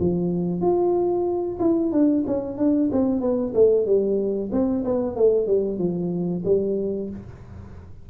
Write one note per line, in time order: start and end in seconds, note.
0.00 0.61 F3
0.61 1.58 F4
1.60 1.92 E4
1.92 2.24 D4
2.27 2.58 C#4
2.58 2.90 D4
2.92 3.21 C4
3.21 3.53 B3
3.55 3.86 A3
3.86 4.51 G3
4.52 4.84 C4
4.85 5.16 B3
5.16 5.47 A3
5.47 5.79 G3
5.79 6.43 F3
6.45 7.10 G3